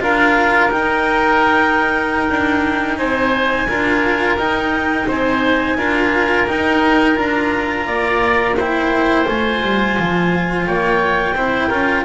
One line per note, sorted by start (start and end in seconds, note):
0.00 0.71 D4
0.00 0.70 F4
0.00 2.98 A#4
0.00 0.71 F5
0.70 3.67 D#4
0.70 2.29 D#4
0.70 2.98 G5
2.30 2.98 D4
2.98 3.68 C4
2.98 3.68 C5
2.98 4.37 G#5
3.68 4.36 D4
3.68 4.39 F4
3.68 5.07 A#4
4.36 5.06 D#4
4.36 5.78 D#4
4.36 5.08 G5
5.07 5.76 C4
5.07 5.77 C5
5.07 6.48 G#5
5.76 6.46 D4
5.76 6.47 F4
5.76 7.86 A#4
6.47 7.15 D#4
6.47 7.17 D#4
6.47 7.17 G5
7.15 7.86 D4
7.15 8.54 F4
7.15 8.57 A#5
7.86 9.26 A#3
7.86 8.56 D5
8.57 9.25 E4
8.57 10.66 C5
8.57 9.28 G5
9.25 9.62 A3
9.25 11.35 F4
9.25 10.66 G#5
9.62 9.97 G3
9.99 10.67 F3
10.66 11.34 A#3
10.66 11.35 C#5
10.66 12.05 G5
11.34 11.69 C4
11.34 11.71 E4
11.34 11.68 C5
11.68 12.05 C#4
11.68 12.05 F4
11.68 12.03 A#4